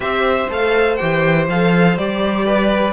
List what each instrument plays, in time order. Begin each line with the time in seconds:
0.00 cello C4, viola G4, violin C5 E5
0.49 cello A3, viola A4, violin F5
0.95 cello E3, viola G4, violin G5
1.48 cello F3, viola A4, violin F5
1.97 cello G3, viola G4, violin D5
2.46 violin B4